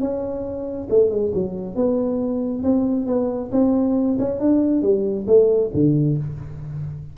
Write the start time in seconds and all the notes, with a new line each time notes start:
0.00 C#4
0.89 A3
1.10 G#3
1.34 F#3
1.75 B3
2.63 C4
3.06 B3
3.52 C4
4.19 C#4
4.40 D4
4.82 G3
5.27 A3
5.73 D3